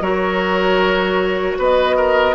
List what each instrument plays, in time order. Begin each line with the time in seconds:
0.00 bassoon F#3, clarinet F#4, oboe A#4, flute C#5
1.58 bassoon B3, oboe B4, flute D#5
1.96 oboe A#4